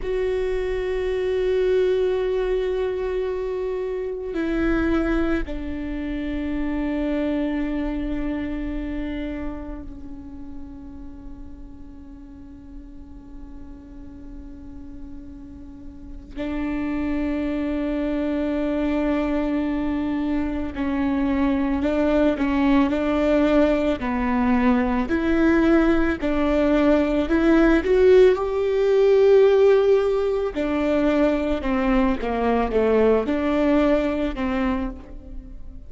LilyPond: \new Staff \with { instrumentName = "viola" } { \time 4/4 \tempo 4 = 55 fis'1 | e'4 d'2.~ | d'4 cis'2.~ | cis'2. d'4~ |
d'2. cis'4 | d'8 cis'8 d'4 b4 e'4 | d'4 e'8 fis'8 g'2 | d'4 c'8 ais8 a8 d'4 c'8 | }